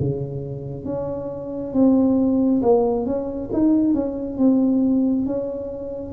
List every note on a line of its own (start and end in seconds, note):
0.00 0.85 C#3
0.85 1.74 C#4
1.74 2.62 C4
2.62 3.06 A#3
3.06 3.51 C#4
3.53 3.95 D#4
3.95 4.38 C#4
4.38 5.26 C4
5.26 6.13 C#4